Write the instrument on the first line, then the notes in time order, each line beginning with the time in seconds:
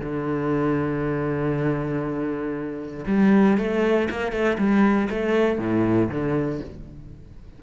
cello
0.00 D3
3.07 G3
3.58 A3
4.11 A#3
4.32 A3
4.59 G3
5.11 A3
5.59 A2
6.10 D3